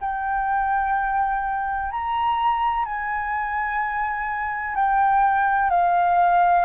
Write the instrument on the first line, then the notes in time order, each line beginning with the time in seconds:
flute
0.00 G5
1.90 A#5
2.85 G#5
4.75 G5
5.70 F5